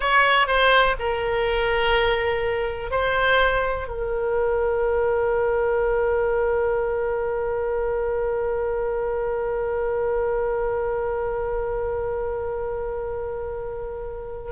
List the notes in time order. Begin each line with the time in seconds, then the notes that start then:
0.00 C#5
0.47 C5
0.99 A#4
2.90 C5
3.87 A#4